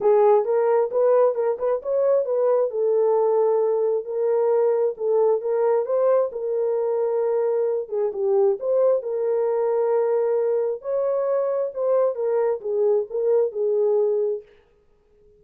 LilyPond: \new Staff \with { instrumentName = "horn" } { \time 4/4 \tempo 4 = 133 gis'4 ais'4 b'4 ais'8 b'8 | cis''4 b'4 a'2~ | a'4 ais'2 a'4 | ais'4 c''4 ais'2~ |
ais'4. gis'8 g'4 c''4 | ais'1 | cis''2 c''4 ais'4 | gis'4 ais'4 gis'2 | }